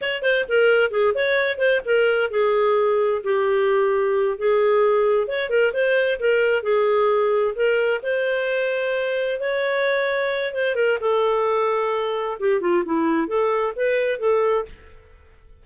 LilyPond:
\new Staff \with { instrumentName = "clarinet" } { \time 4/4 \tempo 4 = 131 cis''8 c''8 ais'4 gis'8 cis''4 c''8 | ais'4 gis'2 g'4~ | g'4. gis'2 cis''8 | ais'8 c''4 ais'4 gis'4.~ |
gis'8 ais'4 c''2~ c''8~ | c''8 cis''2~ cis''8 c''8 ais'8 | a'2. g'8 f'8 | e'4 a'4 b'4 a'4 | }